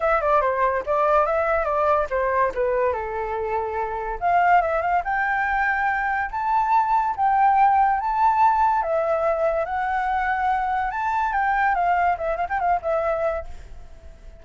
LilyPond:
\new Staff \with { instrumentName = "flute" } { \time 4/4 \tempo 4 = 143 e''8 d''8 c''4 d''4 e''4 | d''4 c''4 b'4 a'4~ | a'2 f''4 e''8 f''8 | g''2. a''4~ |
a''4 g''2 a''4~ | a''4 e''2 fis''4~ | fis''2 a''4 g''4 | f''4 e''8 f''16 g''16 f''8 e''4. | }